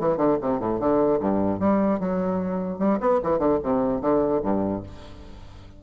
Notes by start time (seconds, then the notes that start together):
0.00 E3
0.17 D3
0.41 C3
0.60 A2
0.80 D3
1.20 G2
1.60 G3
2.00 F#3
2.79 G3
3.01 B3
3.23 E3
3.39 D3
3.63 C3
4.02 D3
4.43 G2